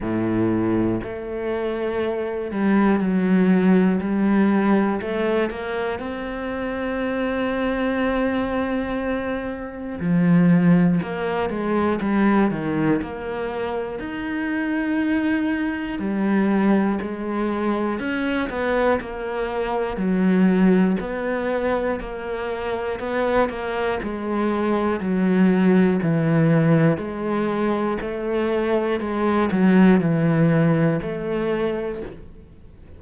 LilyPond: \new Staff \with { instrumentName = "cello" } { \time 4/4 \tempo 4 = 60 a,4 a4. g8 fis4 | g4 a8 ais8 c'2~ | c'2 f4 ais8 gis8 | g8 dis8 ais4 dis'2 |
g4 gis4 cis'8 b8 ais4 | fis4 b4 ais4 b8 ais8 | gis4 fis4 e4 gis4 | a4 gis8 fis8 e4 a4 | }